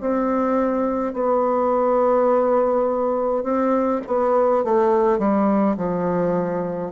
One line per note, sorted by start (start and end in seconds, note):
0.00 1.13 C4
1.13 3.43 B3
3.43 4.01 C4
4.06 4.64 B3
4.64 5.18 A3
5.18 5.76 G3
5.77 6.91 F3